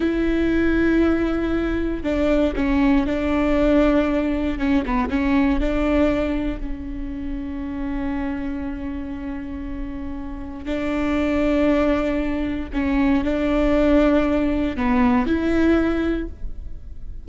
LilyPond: \new Staff \with { instrumentName = "viola" } { \time 4/4 \tempo 4 = 118 e'1 | d'4 cis'4 d'2~ | d'4 cis'8 b8 cis'4 d'4~ | d'4 cis'2.~ |
cis'1~ | cis'4 d'2.~ | d'4 cis'4 d'2~ | d'4 b4 e'2 | }